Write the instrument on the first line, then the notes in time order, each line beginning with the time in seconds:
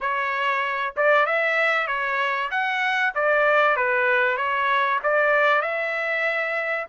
trumpet
0.00 C#5
0.96 D5
1.26 E5
1.87 C#5
2.51 F#5
3.14 D5
3.76 B4
4.37 C#5
5.03 D5
5.61 E5